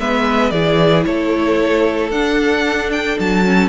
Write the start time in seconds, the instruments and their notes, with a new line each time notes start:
0.00 cello G#3, viola B3, violin B4 E5
0.51 cello E3, viola E4, violin G#4 D5
1.06 cello A3, violin A4 C#5
2.11 cello D4, viola D4, violin F#5
2.92 violin G5
3.19 cello F#3, violin A5
3.45 viola C#4